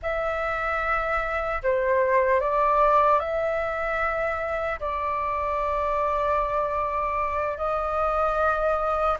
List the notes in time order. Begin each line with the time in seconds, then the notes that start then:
0.02 E5
1.63 C5
2.40 D5
3.19 E5
4.80 D5
7.57 D#5